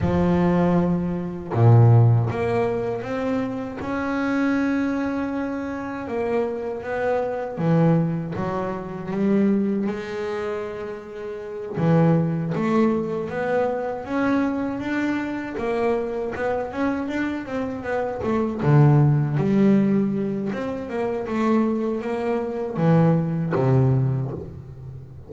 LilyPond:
\new Staff \with { instrumentName = "double bass" } { \time 4/4 \tempo 4 = 79 f2 ais,4 ais4 | c'4 cis'2. | ais4 b4 e4 fis4 | g4 gis2~ gis8 e8~ |
e8 a4 b4 cis'4 d'8~ | d'8 ais4 b8 cis'8 d'8 c'8 b8 | a8 d4 g4. c'8 ais8 | a4 ais4 e4 c4 | }